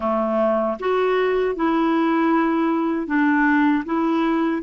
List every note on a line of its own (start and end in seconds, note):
0.00 0.77 A3
0.79 1.55 F#4
1.55 3.07 E4
3.07 3.84 D4
3.85 4.62 E4